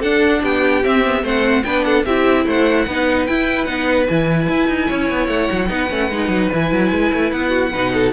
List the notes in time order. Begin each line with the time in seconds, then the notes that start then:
0.00 D4 A4 F#5
0.43 B3 G4 G5
0.84 C4 E5
1.05 B3
1.23 A3 C4 C5 F#5
1.64 B3 D4 B4 G5
1.84 A4 F#5
2.06 C4 E4 G4 E5
2.47 A3 C5 F#5
2.87 B3 D#4 B4
3.27 E4 G5
3.65 B3 D#4 F#5
4.07 E3 E4 G#5
4.49 E4
4.68 D#4
4.88 C#4 C#5
5.11 B3
5.28 A3 F#5
5.52 F#3
5.68 B3 D#4 B4
5.90 A3 C#4
6.11 G#3 D#4
6.29 F#3
6.53 E3 E4 G#5
6.72 F#3
6.92 G#3
7.13 A3
7.32 B3 F#5
7.50 F#4
7.72 B2 D#4 B4
7.94 A4